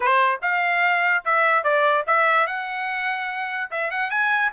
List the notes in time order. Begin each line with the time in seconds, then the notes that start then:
0.00 C5
0.41 F5
1.24 E5
1.63 D5
2.07 E5
2.47 F#5
3.70 E5
3.90 F#5
4.10 G#5